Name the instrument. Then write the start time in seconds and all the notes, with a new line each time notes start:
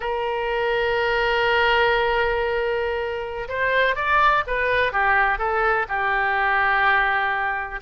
oboe
0.00 A#4
3.48 C5
3.95 D5
4.46 B4
4.92 G4
5.38 A4
5.88 G4